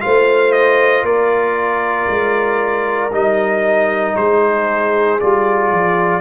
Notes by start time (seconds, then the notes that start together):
0.00 A3 F4 C5 F5
0.52 D#5
1.02 A#3 A#4 D5
2.09 G#3
3.11 G3 D#4 D#5
4.16 G#3 G#4 C5
5.20 G3 F4 D5
5.71 F3